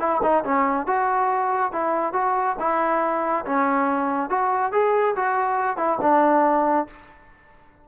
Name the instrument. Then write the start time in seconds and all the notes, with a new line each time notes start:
trombone
0.00 E4
0.23 D#4
0.44 C#4
0.87 F#4
1.72 E4
2.14 F#4
2.60 E4
3.46 C#4
4.30 F#4
4.72 G#4
5.16 F#4
5.77 E4
6.01 D4